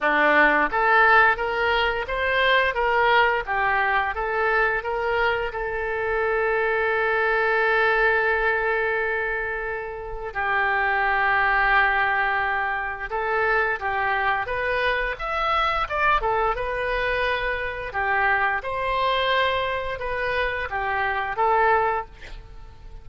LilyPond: \new Staff \with { instrumentName = "oboe" } { \time 4/4 \tempo 4 = 87 d'4 a'4 ais'4 c''4 | ais'4 g'4 a'4 ais'4 | a'1~ | a'2. g'4~ |
g'2. a'4 | g'4 b'4 e''4 d''8 a'8 | b'2 g'4 c''4~ | c''4 b'4 g'4 a'4 | }